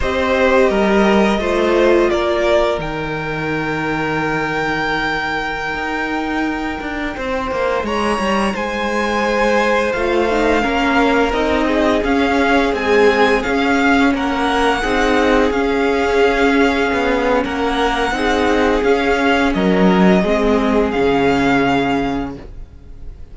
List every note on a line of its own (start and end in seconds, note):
0.00 0.69 C4
0.00 1.40 G4
0.00 0.69 C5
0.00 2.10 D#5
0.69 1.38 G3
0.69 1.39 A#4
1.38 2.08 A3
1.38 2.78 F4
1.38 2.10 C5
2.10 2.78 A#3
2.10 7.16 A#4
2.10 2.79 D5
2.78 5.74 D#3
2.78 9.93 D#4
2.78 7.86 G5
5.74 6.78 D#4
6.80 7.15 D4
7.16 7.51 C4
7.16 7.85 C5
7.51 7.83 A#3
7.83 8.18 G#3
7.83 8.53 C#5
7.83 8.55 A#5
8.18 8.53 G3
8.53 9.93 G#3
8.53 10.61 C5
8.53 9.92 G#5
9.92 10.64 A3
9.92 10.30 F4
9.92 11.32 F5
10.30 10.61 D#4
10.61 11.32 A#3
10.61 11.31 C#4
10.61 11.66 A#4
11.32 12.02 C4
11.32 12.03 D#4
11.32 12.03 D#5
11.67 14.11 G#4
12.04 12.73 C#4
12.04 12.74 F5
12.73 13.43 G#3
12.73 13.42 C4
12.73 13.43 G#5
13.43 14.82 C#4
13.43 14.14 C#4
13.43 14.12 F5
14.14 14.83 A#3
14.14 14.81 A#4
14.14 15.51 F#5
14.81 15.51 C4
14.81 15.52 D#4
14.81 17.42 G#4
15.51 16.90 C#4
15.51 18.12 C#4
15.51 17.43 F5
16.92 17.44 B3
17.44 18.11 A#3
17.44 18.13 A#4
17.44 18.83 F#5
18.11 18.81 C4
18.11 18.82 D#4
18.11 19.55 G#4
18.83 19.53 C#4
18.83 20.24 C#4
18.83 19.53 F5
19.53 20.23 F#3
19.53 20.21 A#4
19.53 20.90 D#5
20.21 20.93 G#3
20.21 20.93 C4
20.21 22.31 G#4
20.90 22.32 C#4
20.90 22.30 F5
20.97 22.37 C#3